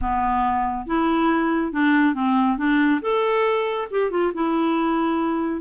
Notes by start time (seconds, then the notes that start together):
0.01 B3
0.86 E4
1.72 D4
2.14 C4
2.57 D4
3.01 A4
3.90 G4
4.10 F4
4.33 E4